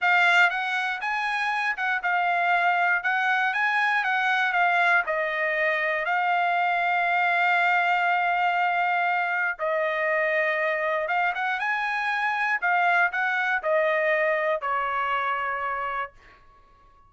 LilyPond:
\new Staff \with { instrumentName = "trumpet" } { \time 4/4 \tempo 4 = 119 f''4 fis''4 gis''4. fis''8 | f''2 fis''4 gis''4 | fis''4 f''4 dis''2 | f''1~ |
f''2. dis''4~ | dis''2 f''8 fis''8 gis''4~ | gis''4 f''4 fis''4 dis''4~ | dis''4 cis''2. | }